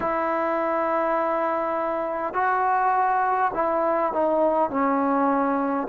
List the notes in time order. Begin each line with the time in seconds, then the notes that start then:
0.00 E4
2.33 F#4
3.53 E4
4.12 D#4
4.70 C#4